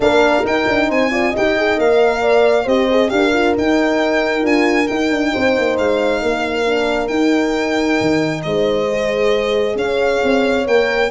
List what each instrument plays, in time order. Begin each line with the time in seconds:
0.00 tuba A#3, horn D4 A#4, violin F5
0.43 horn D#4, tuba D#4, violin G5
0.67 tuba D4
0.87 tuba C4, horn C5, violin G#5
1.10 horn F4 D5
1.30 horn G4 D#5, violin G5
1.37 tuba D#4
1.57 horn G#4
1.77 tuba A#3, horn A#4, violin F5
2.21 horn D5
2.64 tuba C4, horn G4 C5, violin D#5
2.90 horn G#4
3.08 tuba D4, horn G4, violin F5
3.15 horn A#4
3.33 horn F4
3.55 horn D#4, tuba D#4, violin G5
4.41 tuba D4, horn F4, violin G#5
4.87 horn D#4, tuba D#4, violin G5
5.11 tuba D4
5.32 tuba C4, horn C5
5.58 tuba A#3
5.77 tuba G#3, violin F5
6.21 tuba A#3, horn A#4
6.65 horn D4
7.07 horn D#4, tuba D#4, violin G5
8.00 tuba D#3
8.42 tuba G#3, horn C5, violin D#5
8.89 horn G#4
9.75 tuba C#4, horn C#5, violin F5
10.23 tuba C4
10.66 tuba A#3, horn A#4, violin G5